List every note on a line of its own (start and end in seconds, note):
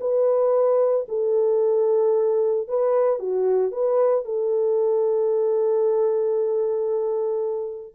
0.00 1.06 B4
1.08 2.68 A4
2.68 3.19 B4
3.19 3.71 F#4
3.71 4.25 B4
4.25 7.94 A4